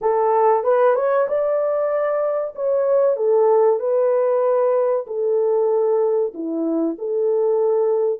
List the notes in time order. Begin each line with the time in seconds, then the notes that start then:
0.01 A4
0.63 B4
0.95 C#5
1.28 D5
2.55 C#5
3.16 A4
3.79 B4
5.07 A4
6.33 E4
6.98 A4